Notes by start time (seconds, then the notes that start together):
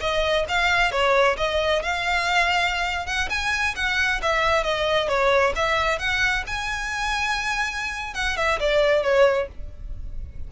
0.00 D#5
0.48 F5
0.91 C#5
1.37 D#5
1.82 F5
3.06 F#5
3.29 G#5
3.75 F#5
4.21 E5
4.63 D#5
5.08 C#5
5.55 E5
5.98 F#5
6.47 G#5
8.14 F#5
8.36 E5
8.59 D5
9.02 C#5